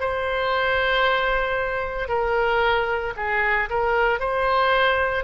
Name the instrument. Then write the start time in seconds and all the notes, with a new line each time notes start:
oboe
0.00 C5
2.08 A#4
3.16 G#4
3.69 A#4
4.20 C5